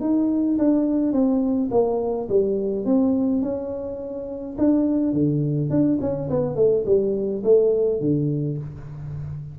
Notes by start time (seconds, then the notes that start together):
0.00 D#4
0.58 D4
1.12 C4
1.71 A#3
2.29 G3
2.85 C4
3.42 C#4
4.58 D4
5.12 D3
5.69 D4
6.01 C#4
6.30 B3
6.55 A3
6.85 G3
7.43 A3
8.00 D3